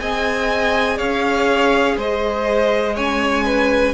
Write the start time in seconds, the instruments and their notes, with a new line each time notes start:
0.00 cello C4, viola G#4, violin D#5 G#5
0.97 cello C#4, violin C#5 F5
1.97 cello G#3, violin C5 D#5
2.95 viola C#4, violin C#5 G#5
3.45 violin B4